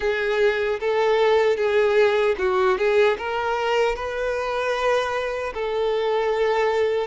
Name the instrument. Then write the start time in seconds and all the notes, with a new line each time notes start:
violin
0.00 G#4
0.79 A4
1.56 G#4
2.38 F#4
2.77 G#4
3.18 A#4
3.95 B4
5.53 A4